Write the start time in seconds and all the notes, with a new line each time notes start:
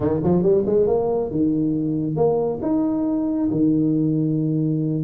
0.00 D#3
0.23 F3
0.42 G3
0.66 G#3
0.87 A#3
1.30 D#3
2.15 A#3
2.62 D#4
3.51 D#3